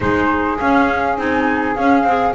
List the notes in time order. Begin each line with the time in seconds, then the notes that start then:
0.00 G#3 D#4 G#4 C5
0.59 C#4 F5
1.17 C4 D#4 G#5
1.75 C#4 F5
2.03 C4 G#4